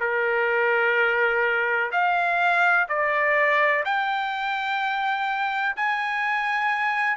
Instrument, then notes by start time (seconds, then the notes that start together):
trumpet
0.00 A#4
1.91 F5
2.88 D5
3.85 G5
5.76 G#5